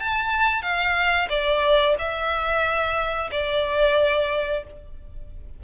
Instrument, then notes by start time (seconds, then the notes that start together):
violin
0.00 A5
0.63 F5
1.30 D5
1.99 E5
3.32 D5